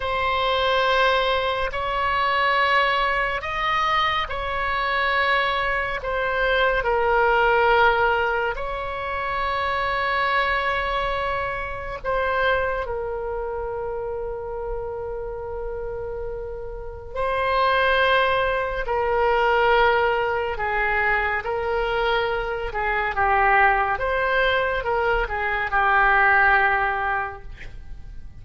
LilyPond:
\new Staff \with { instrumentName = "oboe" } { \time 4/4 \tempo 4 = 70 c''2 cis''2 | dis''4 cis''2 c''4 | ais'2 cis''2~ | cis''2 c''4 ais'4~ |
ais'1 | c''2 ais'2 | gis'4 ais'4. gis'8 g'4 | c''4 ais'8 gis'8 g'2 | }